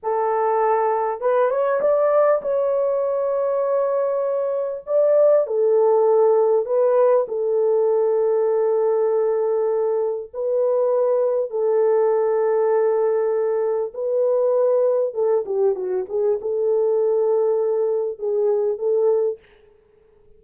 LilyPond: \new Staff \with { instrumentName = "horn" } { \time 4/4 \tempo 4 = 99 a'2 b'8 cis''8 d''4 | cis''1 | d''4 a'2 b'4 | a'1~ |
a'4 b'2 a'4~ | a'2. b'4~ | b'4 a'8 g'8 fis'8 gis'8 a'4~ | a'2 gis'4 a'4 | }